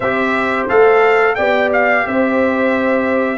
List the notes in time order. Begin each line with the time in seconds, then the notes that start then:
0.00 C4 G4 C5 E5
0.68 A3 A4 F5
1.35 B3 G4 D5 G5
1.73 F5
2.06 C4 C5 E5